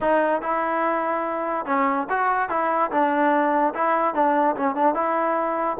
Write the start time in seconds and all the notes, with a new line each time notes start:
0.00 D#4
0.41 E4
1.65 C#4
2.09 F#4
2.49 E4
2.91 D4
3.74 E4
4.14 D4
4.56 C#4
4.75 D4
4.94 E4